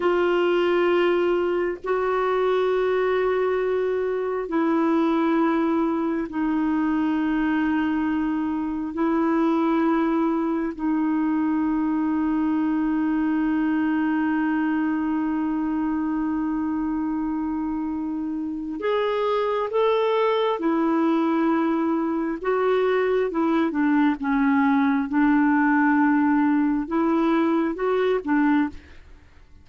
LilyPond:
\new Staff \with { instrumentName = "clarinet" } { \time 4/4 \tempo 4 = 67 f'2 fis'2~ | fis'4 e'2 dis'4~ | dis'2 e'2 | dis'1~ |
dis'1~ | dis'4 gis'4 a'4 e'4~ | e'4 fis'4 e'8 d'8 cis'4 | d'2 e'4 fis'8 d'8 | }